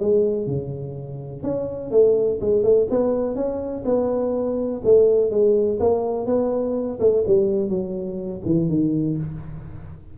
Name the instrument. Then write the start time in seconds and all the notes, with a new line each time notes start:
tuba
0.00 G#3
0.47 C#3
1.43 C#4
1.91 A3
2.41 G#3
2.63 A3
2.90 B3
3.36 C#4
3.85 B3
4.84 A3
5.31 G#3
5.80 A#3
6.26 B3
7.00 A3
7.27 G3
7.69 F#3
8.45 E3
8.69 D#3